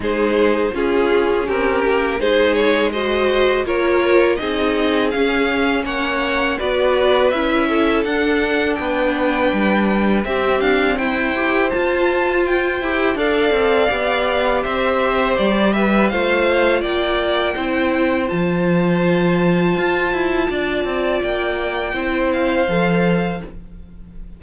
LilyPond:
<<
  \new Staff \with { instrumentName = "violin" } { \time 4/4 \tempo 4 = 82 c''4 gis'4 ais'4 c''8 cis''8 | dis''4 cis''4 dis''4 f''4 | fis''4 d''4 e''4 fis''4 | g''2 e''8 f''8 g''4 |
a''4 g''4 f''2 | e''4 d''8 e''8 f''4 g''4~ | g''4 a''2.~ | a''4 g''4. f''4. | }
  \new Staff \with { instrumentName = "violin" } { \time 4/4 gis'4 f'4 g'4 gis'4 | c''4 ais'4 gis'2 | cis''4 b'4. a'4. | b'2 g'4 c''4~ |
c''2 d''2 | c''4. b'8 c''4 d''4 | c''1 | d''2 c''2 | }
  \new Staff \with { instrumentName = "viola" } { \time 4/4 dis'4 cis'2 dis'4 | fis'4 f'4 dis'4 cis'4~ | cis'4 fis'4 e'4 d'4~ | d'2 c'4. g'8 |
f'4. g'8 a'4 g'4~ | g'2 f'2 | e'4 f'2.~ | f'2 e'4 a'4 | }
  \new Staff \with { instrumentName = "cello" } { \time 4/4 gis4 cis'4 c'8 ais8 gis4~ | gis4 ais4 c'4 cis'4 | ais4 b4 cis'4 d'4 | b4 g4 c'8 d'8 e'4 |
f'4. e'8 d'8 c'8 b4 | c'4 g4 a4 ais4 | c'4 f2 f'8 e'8 | d'8 c'8 ais4 c'4 f4 | }
>>